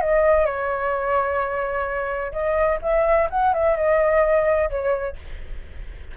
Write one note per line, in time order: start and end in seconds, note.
0.00 0.45 D#5
0.45 2.32 C#5
2.32 2.79 D#5
2.81 3.28 E5
3.30 3.53 F#5
3.53 3.76 E5
3.76 4.69 D#5
4.69 5.16 C#5